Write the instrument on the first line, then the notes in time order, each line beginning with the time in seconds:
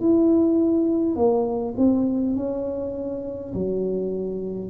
tuba
0.00 E4
1.15 A#3
1.77 C4
2.36 C#4
3.53 F#3